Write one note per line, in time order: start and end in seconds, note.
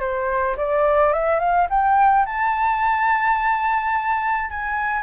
0.00 0.56 C5
0.58 1.13 D5
1.13 1.40 E5
1.40 1.68 F5
1.70 2.26 G5
2.26 4.50 A5
4.51 5.03 G#5